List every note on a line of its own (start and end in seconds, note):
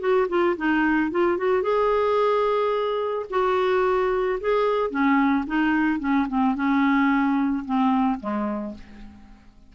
0.00 0.27 F#4
0.29 0.56 F4
0.57 1.11 D#4
1.12 1.38 F4
1.38 1.62 F#4
1.62 3.26 G#4
3.30 4.39 F#4
4.40 4.91 G#4
4.91 5.45 C#4
5.47 6.00 D#4
6.00 6.27 C#4
6.29 6.56 C4
6.56 7.65 C#4
7.65 8.20 C4
8.20 8.75 G#3